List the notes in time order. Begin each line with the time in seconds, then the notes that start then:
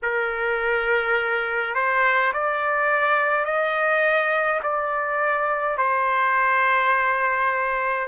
0.02 A#4
1.74 C5
2.33 D5
3.45 D#5
4.62 D5
5.77 C5